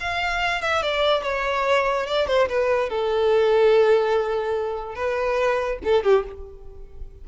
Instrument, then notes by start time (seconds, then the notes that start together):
violin
0.00 F5
0.62 E5
0.83 D5
1.23 C#5
2.06 D5
2.27 C5
2.49 B4
2.90 A4
4.95 B4
5.84 A4
6.04 G4